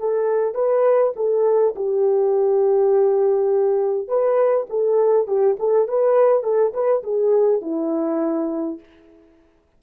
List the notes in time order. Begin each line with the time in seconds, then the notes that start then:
0.00 A4
0.55 B4
1.17 A4
1.76 G4
4.09 B4
4.70 A4
5.28 G4
5.60 A4
5.89 B4
6.44 A4
6.74 B4
7.04 G#4
7.62 E4